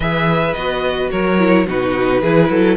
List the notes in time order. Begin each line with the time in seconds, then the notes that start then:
0.00 E3 G#4 B4 E5
0.53 B3 F#4 D#5
1.10 F#3 A#4 C#5
1.39 E4
1.67 B2 D#4 F#4 B4
2.21 E3 E4 G#4
2.49 F#3 A4